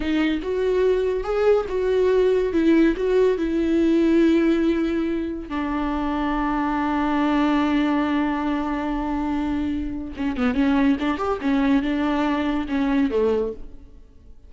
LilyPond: \new Staff \with { instrumentName = "viola" } { \time 4/4 \tempo 4 = 142 dis'4 fis'2 gis'4 | fis'2 e'4 fis'4 | e'1~ | e'4 d'2.~ |
d'1~ | d'1 | cis'8 b8 cis'4 d'8 g'8 cis'4 | d'2 cis'4 a4 | }